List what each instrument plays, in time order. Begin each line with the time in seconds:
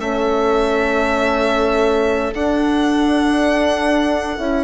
0.00 bassoon A3, horn C#4, viola A4, violin E5
2.35 horn D4, bassoon D4, violin F#5
4.38 bassoon C#4, horn E4